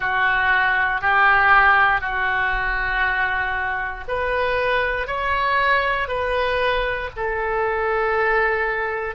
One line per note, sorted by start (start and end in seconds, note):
0.00 1.01 F#4
1.01 2.01 G4
2.01 4.04 F#4
4.07 5.07 B4
5.07 6.07 C#5
6.07 7.09 B4
7.16 9.15 A4